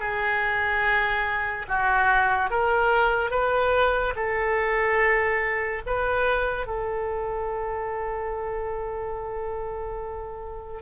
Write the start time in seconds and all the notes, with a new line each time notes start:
0.00 G#4
1.69 F#4
2.51 A#4
3.31 B4
4.16 A4
5.87 B4
6.67 A4